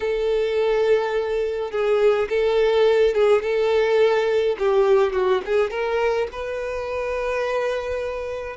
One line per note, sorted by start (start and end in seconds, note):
0.00 1.71 A4
1.71 2.28 G#4
2.29 3.14 A4
3.14 3.42 G#4
3.42 4.56 A4
4.58 5.12 G4
5.12 5.41 F#4
5.45 5.70 G#4
5.70 6.27 A#4
6.31 8.56 B4